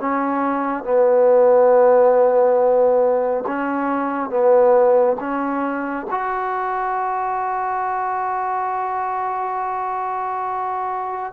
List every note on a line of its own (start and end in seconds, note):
0.00 0.83 C#4
0.83 3.44 B3
3.47 4.30 C#4
4.30 5.17 B3
5.20 6.07 C#4
6.11 11.32 F#4